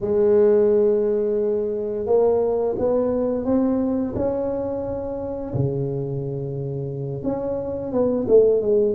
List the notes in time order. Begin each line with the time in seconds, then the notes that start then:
0.00 G#3
2.06 A#3
2.78 B3
3.45 C4
4.15 C#4
5.54 C#3
7.23 C#4
7.92 B3
8.28 A3
8.61 G#3